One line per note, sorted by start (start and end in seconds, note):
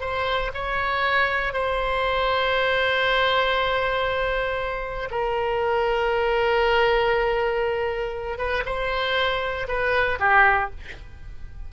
0.00 0.51 C5
0.54 1.53 C#5
1.53 5.09 C5
5.10 8.38 A#4
8.38 8.63 B4
8.65 9.67 C5
9.67 10.18 B4
10.19 10.70 G4